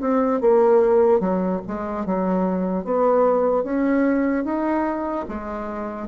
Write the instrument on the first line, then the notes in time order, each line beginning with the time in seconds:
bassoon
0.00 C4
0.41 A#3
1.19 F#3
1.67 G#3
2.05 F#3
2.84 B3
3.63 C#4
4.44 D#4
5.28 G#3